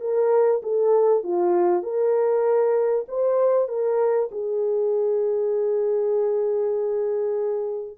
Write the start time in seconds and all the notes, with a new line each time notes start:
0.00 A#4
0.62 A4
1.23 F4
1.83 A#4
3.08 C5
3.68 A#4
4.31 G#4